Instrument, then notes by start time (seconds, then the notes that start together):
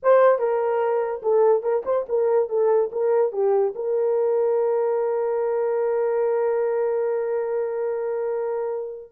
horn
0.02 C5
0.38 A#4
1.22 A4
1.62 A#4
1.85 C5
2.08 A#4
2.49 A4
2.92 A#4
3.32 G4
3.75 A#4